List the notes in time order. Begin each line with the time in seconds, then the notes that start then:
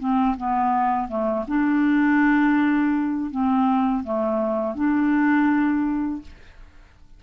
0.00 C4
0.37 B3
1.09 A3
1.48 D4
3.31 C4
4.04 A3
4.76 D4